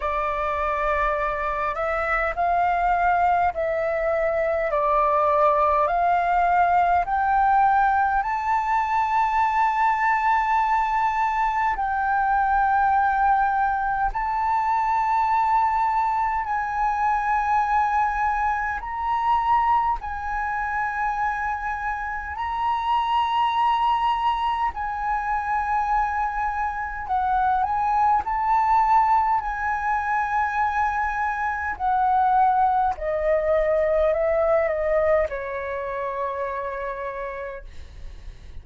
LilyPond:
\new Staff \with { instrumentName = "flute" } { \time 4/4 \tempo 4 = 51 d''4. e''8 f''4 e''4 | d''4 f''4 g''4 a''4~ | a''2 g''2 | a''2 gis''2 |
ais''4 gis''2 ais''4~ | ais''4 gis''2 fis''8 gis''8 | a''4 gis''2 fis''4 | dis''4 e''8 dis''8 cis''2 | }